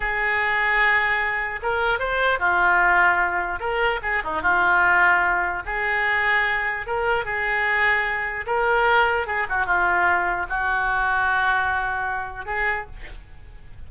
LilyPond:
\new Staff \with { instrumentName = "oboe" } { \time 4/4 \tempo 4 = 149 gis'1 | ais'4 c''4 f'2~ | f'4 ais'4 gis'8 dis'8 f'4~ | f'2 gis'2~ |
gis'4 ais'4 gis'2~ | gis'4 ais'2 gis'8 fis'8 | f'2 fis'2~ | fis'2. gis'4 | }